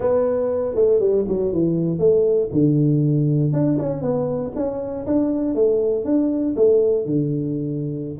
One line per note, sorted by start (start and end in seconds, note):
0.00 0.75 B3
0.75 1.00 A3
1.00 1.25 G3
1.28 1.52 F#3
1.52 1.98 E3
1.98 2.49 A3
2.51 3.52 D3
3.52 3.77 D4
3.78 4.01 C#4
4.01 4.51 B3
4.55 5.06 C#4
5.06 5.55 D4
5.55 6.04 A3
6.04 6.55 D4
6.56 7.05 A3
7.05 8.18 D3